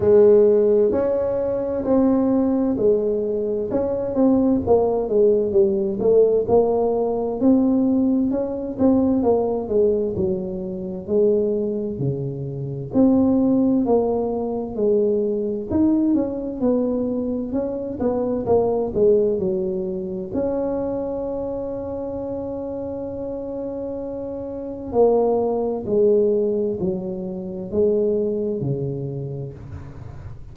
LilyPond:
\new Staff \with { instrumentName = "tuba" } { \time 4/4 \tempo 4 = 65 gis4 cis'4 c'4 gis4 | cis'8 c'8 ais8 gis8 g8 a8 ais4 | c'4 cis'8 c'8 ais8 gis8 fis4 | gis4 cis4 c'4 ais4 |
gis4 dis'8 cis'8 b4 cis'8 b8 | ais8 gis8 fis4 cis'2~ | cis'2. ais4 | gis4 fis4 gis4 cis4 | }